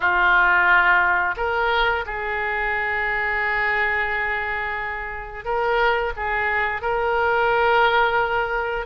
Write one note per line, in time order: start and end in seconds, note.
0.00 1.35 F4
1.36 2.05 A#4
2.05 5.44 G#4
5.44 6.12 A#4
6.16 6.81 G#4
6.81 8.86 A#4